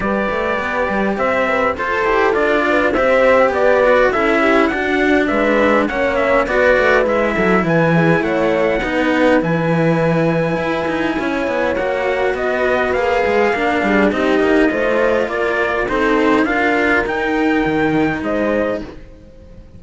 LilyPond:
<<
  \new Staff \with { instrumentName = "trumpet" } { \time 4/4 \tempo 4 = 102 d''2 e''4 c''4 | d''4 e''4 d''4 e''4 | fis''4 e''4 fis''8 e''8 d''4 | e''4 gis''4 fis''2 |
gis''1 | fis''4 dis''4 f''2 | dis''2 d''4 c''4 | f''4 g''2 dis''4 | }
  \new Staff \with { instrumentName = "horn" } { \time 4/4 b'2 c''8 b'8 a'4~ | a'8 b'8 c''4 b'4 a'8 g'8 | fis'4 b'4 cis''4 b'4~ | b'8 a'8 b'8 gis'8 cis''4 b'4~ |
b'2. cis''4~ | cis''4 b'2 ais'8 gis'8 | g'4 c''4 ais'4 a'4 | ais'2. c''4 | }
  \new Staff \with { instrumentName = "cello" } { \time 4/4 g'2. a'8 g'8 | f'4 g'4. fis'8 e'4 | d'2 cis'4 fis'4 | e'2. dis'4 |
e'1 | fis'2 gis'4 d'4 | dis'4 f'2 dis'4 | f'4 dis'2. | }
  \new Staff \with { instrumentName = "cello" } { \time 4/4 g8 a8 b8 g8 c'4 f'8 e'8 | d'4 c'4 b4 cis'4 | d'4 gis4 ais4 b8 a8 | gis8 fis8 e4 a4 b4 |
e2 e'8 dis'8 cis'8 b8 | ais4 b4 ais8 gis8 ais8 g8 | c'8 ais8 a4 ais4 c'4 | d'4 dis'4 dis4 gis4 | }
>>